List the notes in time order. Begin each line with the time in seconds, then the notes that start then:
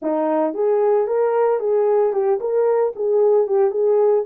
0.02 D#4
0.54 G#4
1.07 A#4
1.59 G#4
2.12 G4
2.40 A#4
2.95 G#4
3.47 G4
3.70 G#4